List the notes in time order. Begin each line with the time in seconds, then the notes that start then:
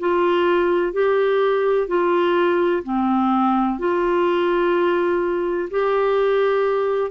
0.00 F4
0.93 G4
1.88 F4
2.84 C4
3.79 F4
5.71 G4